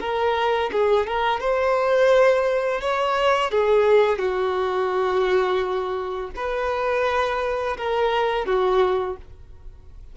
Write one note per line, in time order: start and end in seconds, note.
0.00 0.71 A#4
0.72 1.07 G#4
1.07 1.40 A#4
1.40 2.81 C5
2.81 3.51 C#5
3.51 4.18 G#4
4.18 6.30 F#4
6.35 7.77 B4
7.77 8.46 A#4
8.46 9.16 F#4